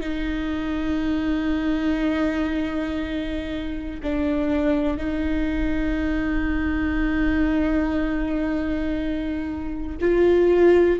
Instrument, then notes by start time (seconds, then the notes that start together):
viola
0.00 D#4
4.03 D4
4.97 D#4
10.00 F4